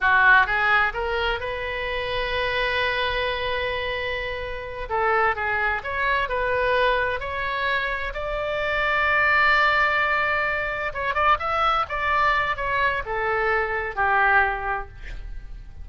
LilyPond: \new Staff \with { instrumentName = "oboe" } { \time 4/4 \tempo 4 = 129 fis'4 gis'4 ais'4 b'4~ | b'1~ | b'2~ b'8 a'4 gis'8~ | gis'8 cis''4 b'2 cis''8~ |
cis''4. d''2~ d''8~ | d''2.~ d''8 cis''8 | d''8 e''4 d''4. cis''4 | a'2 g'2 | }